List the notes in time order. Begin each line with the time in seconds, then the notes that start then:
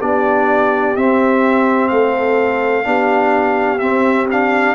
0.00 B3 D4 G4 D5
0.96 C4 E5
1.88 A3 A4 F5
2.84 B3 D4 G4
3.78 C4 E5
4.31 D4 F5